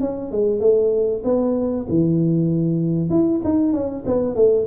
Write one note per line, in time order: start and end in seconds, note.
0.00 0.31 C#4
0.32 0.60 G#3
0.60 1.23 A3
1.24 1.87 B3
1.89 3.10 E3
3.10 3.41 E4
3.44 3.73 D#4
3.73 4.04 C#4
4.06 4.35 B3
4.35 4.66 A3